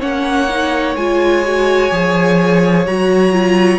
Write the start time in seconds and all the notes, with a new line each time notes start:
0.00 A#3 C#4 C#5 F#5
0.49 D#4
0.96 G#3 F4 G#5
1.46 F#4
1.92 F3 G#4
2.87 F#3 F#4 A#5
3.32 F4